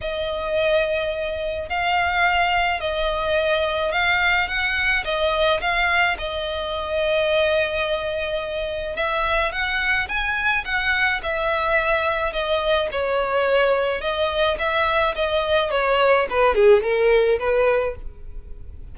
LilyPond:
\new Staff \with { instrumentName = "violin" } { \time 4/4 \tempo 4 = 107 dis''2. f''4~ | f''4 dis''2 f''4 | fis''4 dis''4 f''4 dis''4~ | dis''1 |
e''4 fis''4 gis''4 fis''4 | e''2 dis''4 cis''4~ | cis''4 dis''4 e''4 dis''4 | cis''4 b'8 gis'8 ais'4 b'4 | }